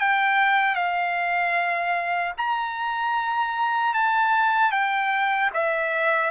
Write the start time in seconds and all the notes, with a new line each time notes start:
0.00 G5
0.75 F5
2.38 A#5
3.94 A5
4.72 G5
5.54 E5